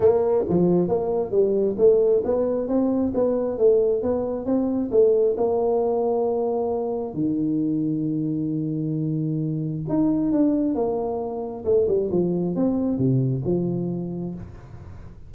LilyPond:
\new Staff \with { instrumentName = "tuba" } { \time 4/4 \tempo 4 = 134 ais4 f4 ais4 g4 | a4 b4 c'4 b4 | a4 b4 c'4 a4 | ais1 |
dis1~ | dis2 dis'4 d'4 | ais2 a8 g8 f4 | c'4 c4 f2 | }